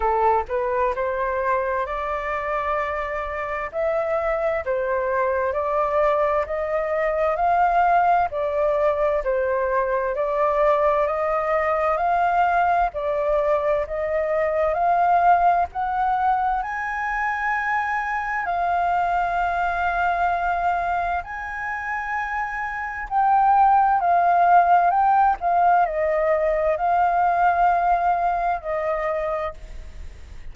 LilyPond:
\new Staff \with { instrumentName = "flute" } { \time 4/4 \tempo 4 = 65 a'8 b'8 c''4 d''2 | e''4 c''4 d''4 dis''4 | f''4 d''4 c''4 d''4 | dis''4 f''4 d''4 dis''4 |
f''4 fis''4 gis''2 | f''2. gis''4~ | gis''4 g''4 f''4 g''8 f''8 | dis''4 f''2 dis''4 | }